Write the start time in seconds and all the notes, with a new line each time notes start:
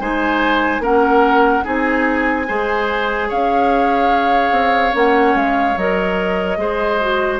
0.00 G#3 D#4 C5 G#5
0.79 A#3 C#4 A#4 F#5
1.64 C4 D#4 G#4 G#5
2.48 G#3 G#4 C5
3.29 C#4 C#5 F5
4.51 C4
4.93 A#3 C#4 F#5
5.35 G#3 F5
5.77 F#3 A#4 D#5
6.57 G#3 G#4 C5
7.01 F#4